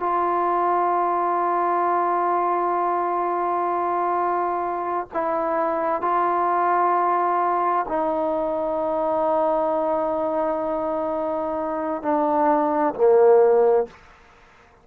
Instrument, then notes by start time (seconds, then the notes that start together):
trombone
0.00 F4
5.14 E4
6.02 F4
7.88 D#4
12.03 D4
12.95 A#3